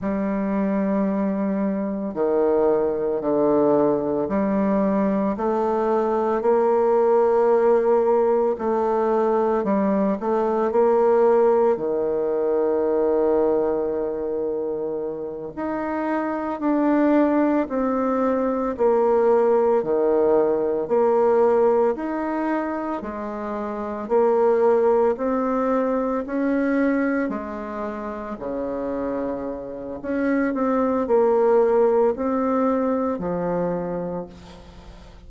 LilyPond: \new Staff \with { instrumentName = "bassoon" } { \time 4/4 \tempo 4 = 56 g2 dis4 d4 | g4 a4 ais2 | a4 g8 a8 ais4 dis4~ | dis2~ dis8 dis'4 d'8~ |
d'8 c'4 ais4 dis4 ais8~ | ais8 dis'4 gis4 ais4 c'8~ | c'8 cis'4 gis4 cis4. | cis'8 c'8 ais4 c'4 f4 | }